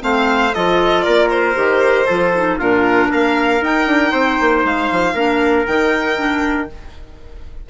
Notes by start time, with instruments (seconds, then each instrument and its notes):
0.00 bassoon A3, clarinet C4, trumpet C5, violin F5
0.54 bassoon F3, clarinet F4, trumpet A4, violin D#5
1.03 bassoon A#3, trumpet A#4, violin D5
1.30 violin C5
1.55 bassoon D#3, clarinet G4
2.07 bassoon F3, clarinet F4, trumpet A4
2.36 clarinet D#4
2.59 bassoon A#2, clarinet D4, trumpet F4, violin A#4
3.11 bassoon A#3, trumpet A#4, violin F5
3.61 bassoon D#4, clarinet D#4, violin G5
3.87 bassoon D4
4.12 bassoon C4, trumpet C5
4.41 bassoon A#3
4.64 bassoon G#3, violin F5
4.92 bassoon F3
5.14 bassoon A#3, clarinet D4, trumpet A#4
5.66 bassoon D#3, clarinet D#4, violin G5
6.16 clarinet D4